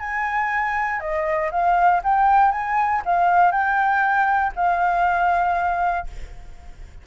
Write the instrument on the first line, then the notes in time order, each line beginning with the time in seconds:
flute
0.00 G#5
1.01 D#5
1.51 F5
2.04 G5
2.52 G#5
3.05 F5
3.52 G5
4.56 F5